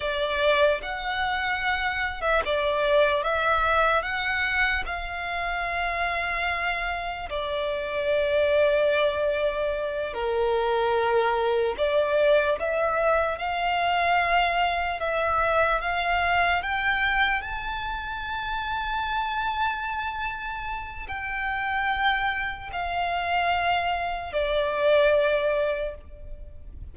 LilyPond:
\new Staff \with { instrumentName = "violin" } { \time 4/4 \tempo 4 = 74 d''4 fis''4.~ fis''16 e''16 d''4 | e''4 fis''4 f''2~ | f''4 d''2.~ | d''8 ais'2 d''4 e''8~ |
e''8 f''2 e''4 f''8~ | f''8 g''4 a''2~ a''8~ | a''2 g''2 | f''2 d''2 | }